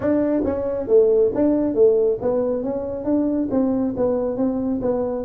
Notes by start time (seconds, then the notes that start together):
0.00 D4
0.44 C#4
0.87 A3
1.34 D4
1.74 A3
2.21 B3
2.63 C#4
3.04 D4
3.50 C4
3.96 B3
4.36 C4
4.81 B3